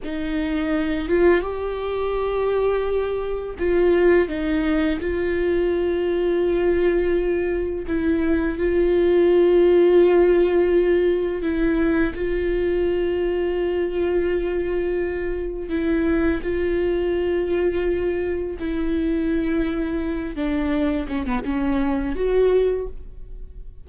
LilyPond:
\new Staff \with { instrumentName = "viola" } { \time 4/4 \tempo 4 = 84 dis'4. f'8 g'2~ | g'4 f'4 dis'4 f'4~ | f'2. e'4 | f'1 |
e'4 f'2.~ | f'2 e'4 f'4~ | f'2 e'2~ | e'8 d'4 cis'16 b16 cis'4 fis'4 | }